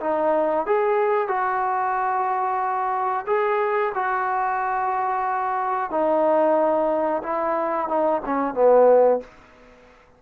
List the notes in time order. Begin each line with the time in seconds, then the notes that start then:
0.00 D#4
0.66 G#4
1.28 F#4
3.26 G#4
3.95 F#4
5.90 D#4
7.23 E4
7.88 D#4
8.25 C#4
8.54 B3